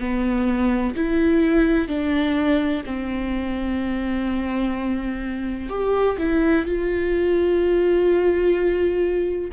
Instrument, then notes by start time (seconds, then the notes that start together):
viola
0.00 B3
0.96 E4
1.88 D4
2.86 C4
5.70 G4
6.19 E4
6.66 F4